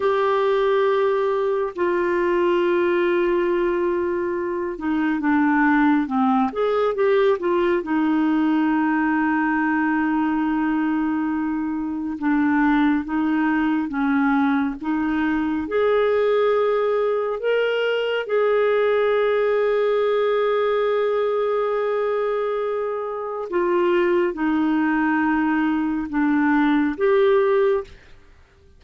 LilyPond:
\new Staff \with { instrumentName = "clarinet" } { \time 4/4 \tempo 4 = 69 g'2 f'2~ | f'4. dis'8 d'4 c'8 gis'8 | g'8 f'8 dis'2.~ | dis'2 d'4 dis'4 |
cis'4 dis'4 gis'2 | ais'4 gis'2.~ | gis'2. f'4 | dis'2 d'4 g'4 | }